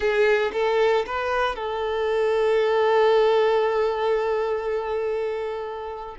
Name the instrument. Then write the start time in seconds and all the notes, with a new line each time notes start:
violin
0.00 G#4
0.53 A4
1.06 B4
1.55 A4